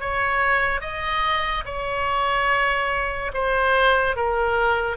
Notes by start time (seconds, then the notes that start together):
0.00 C#5
0.81 D#5
1.65 C#5
3.33 C5
4.16 A#4